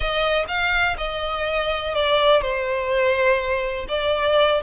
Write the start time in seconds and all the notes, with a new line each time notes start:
0.00 D#5
0.48 F5
0.97 D#5
1.94 D5
2.41 C5
3.88 D5